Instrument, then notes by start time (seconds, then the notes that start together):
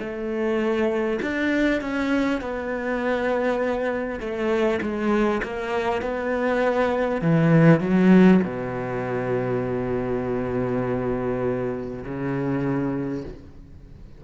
cello
0.00 A3
1.22 D4
1.81 C#4
2.42 B3
4.20 A3
4.82 G#3
5.43 A#3
6.02 B3
7.22 E3
7.81 F#3
8.44 B2
12.04 C#3